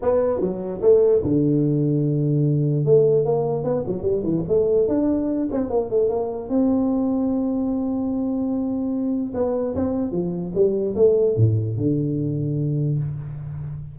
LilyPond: \new Staff \with { instrumentName = "tuba" } { \time 4/4 \tempo 4 = 148 b4 fis4 a4 d4~ | d2. a4 | ais4 b8 fis8 g8 e8 a4 | d'4. c'8 ais8 a8 ais4 |
c'1~ | c'2. b4 | c'4 f4 g4 a4 | a,4 d2. | }